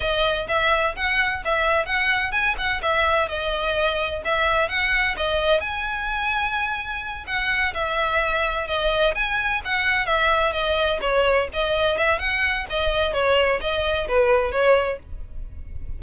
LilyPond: \new Staff \with { instrumentName = "violin" } { \time 4/4 \tempo 4 = 128 dis''4 e''4 fis''4 e''4 | fis''4 gis''8 fis''8 e''4 dis''4~ | dis''4 e''4 fis''4 dis''4 | gis''2.~ gis''8 fis''8~ |
fis''8 e''2 dis''4 gis''8~ | gis''8 fis''4 e''4 dis''4 cis''8~ | cis''8 dis''4 e''8 fis''4 dis''4 | cis''4 dis''4 b'4 cis''4 | }